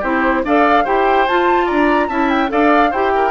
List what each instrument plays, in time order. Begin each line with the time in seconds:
0.00 bassoon C4, clarinet E4, oboe G4, flute C5
0.44 bassoon D4, clarinet A4, oboe D5, flute F5
0.84 bassoon E4, clarinet G4, oboe C5, flute G5
1.27 bassoon F4, clarinet F4, flute A5
1.66 bassoon D4, oboe D5, flute A#5
2.08 bassoon C#4, clarinet E4, oboe E5, flute A5
2.29 flute G5
2.48 bassoon D4, clarinet A4, oboe D5, flute F5
2.91 bassoon E4, clarinet G4, oboe C5, flute G5
3.15 oboe A#4